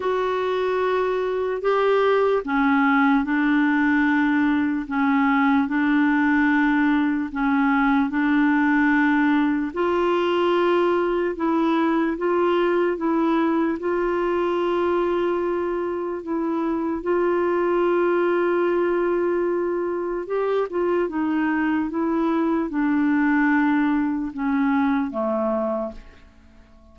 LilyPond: \new Staff \with { instrumentName = "clarinet" } { \time 4/4 \tempo 4 = 74 fis'2 g'4 cis'4 | d'2 cis'4 d'4~ | d'4 cis'4 d'2 | f'2 e'4 f'4 |
e'4 f'2. | e'4 f'2.~ | f'4 g'8 f'8 dis'4 e'4 | d'2 cis'4 a4 | }